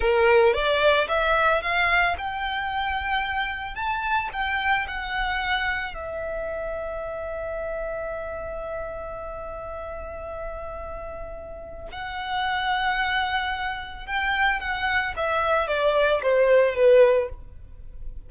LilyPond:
\new Staff \with { instrumentName = "violin" } { \time 4/4 \tempo 4 = 111 ais'4 d''4 e''4 f''4 | g''2. a''4 | g''4 fis''2 e''4~ | e''1~ |
e''1~ | e''2 fis''2~ | fis''2 g''4 fis''4 | e''4 d''4 c''4 b'4 | }